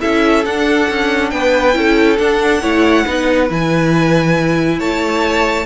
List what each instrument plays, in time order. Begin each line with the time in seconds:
0.00 cello C#4, viola E4, violin A4 E5
0.45 cello D4, viola D4, violin F#5
0.89 cello C#4
1.30 cello B3, violin B4 G5
1.73 cello C#4, viola E4, violin A4
2.18 viola D4, cello D4, violin F#5
2.61 cello A3, viola E4, violin C#5
3.04 cello B3, viola D#4, violin B4
3.48 cello E3, viola E4, violin G#5
4.78 cello A3, violin C#5 A5